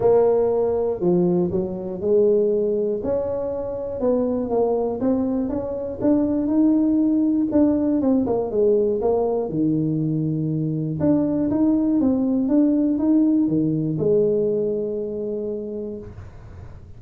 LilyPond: \new Staff \with { instrumentName = "tuba" } { \time 4/4 \tempo 4 = 120 ais2 f4 fis4 | gis2 cis'2 | b4 ais4 c'4 cis'4 | d'4 dis'2 d'4 |
c'8 ais8 gis4 ais4 dis4~ | dis2 d'4 dis'4 | c'4 d'4 dis'4 dis4 | gis1 | }